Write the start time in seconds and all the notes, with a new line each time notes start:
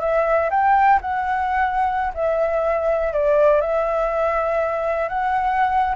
0.00 E5
0.50 G5
1.01 F#5
2.14 E5
3.13 D5
3.61 E5
5.08 F#5